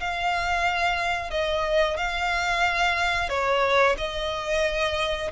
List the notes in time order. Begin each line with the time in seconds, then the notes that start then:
0.00 F5
1.31 D#5
1.97 F5
3.29 C#5
3.98 D#5